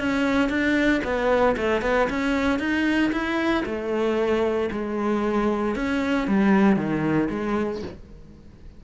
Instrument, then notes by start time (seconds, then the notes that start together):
cello
0.00 C#4
0.50 D4
1.04 B3
1.57 A3
1.82 B3
2.10 C#4
2.59 D#4
3.12 E4
3.66 A3
4.72 G#3
5.76 C#4
6.28 G3
6.77 D#3
7.30 G#3